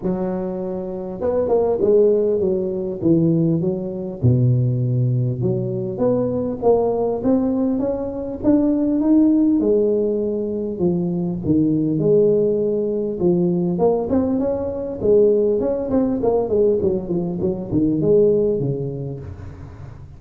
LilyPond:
\new Staff \with { instrumentName = "tuba" } { \time 4/4 \tempo 4 = 100 fis2 b8 ais8 gis4 | fis4 e4 fis4 b,4~ | b,4 fis4 b4 ais4 | c'4 cis'4 d'4 dis'4 |
gis2 f4 dis4 | gis2 f4 ais8 c'8 | cis'4 gis4 cis'8 c'8 ais8 gis8 | fis8 f8 fis8 dis8 gis4 cis4 | }